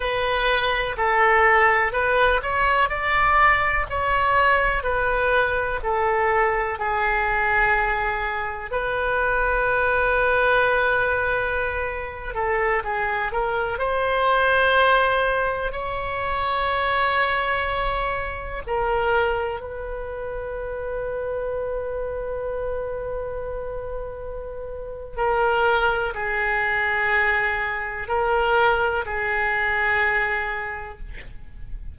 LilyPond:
\new Staff \with { instrumentName = "oboe" } { \time 4/4 \tempo 4 = 62 b'4 a'4 b'8 cis''8 d''4 | cis''4 b'4 a'4 gis'4~ | gis'4 b'2.~ | b'8. a'8 gis'8 ais'8 c''4.~ c''16~ |
c''16 cis''2. ais'8.~ | ais'16 b'2.~ b'8.~ | b'2 ais'4 gis'4~ | gis'4 ais'4 gis'2 | }